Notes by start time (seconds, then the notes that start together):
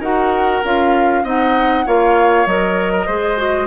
0.00 D#4 F#4 A#4 F#5
0.64 C#4 F4 F5
1.23 C4 D#4 D#5 F#5
1.85 A#3 F4 C#5 F5
2.46 F#3 A#4 D#5
2.93 A#4
3.06 G#3 G#4 C5
3.37 F#4